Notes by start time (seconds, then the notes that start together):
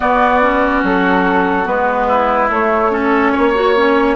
0.00 B3 F#4 D5
0.41 C#4
0.83 F#3 A4
1.65 G#3 B3 B4
2.07 E4
2.49 A3 C#5
2.90 C#4 A4
3.32 A#3 C#5
3.54 F#4
3.76 C#4